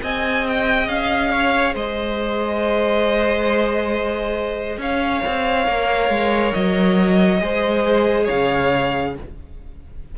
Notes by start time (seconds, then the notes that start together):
0.00 C4 G#4 D#5 G#5
0.47 G5
0.87 C#4 F5
1.31 C#5
1.74 G#3 C5 D#5
4.77 C#4 C#5 F5
5.25 C4
5.64 A#3 A#4
6.09 G#3
6.53 F#3 D#5
7.40 G#3 G#4 C5
8.24 C#5 F5
8.31 C#3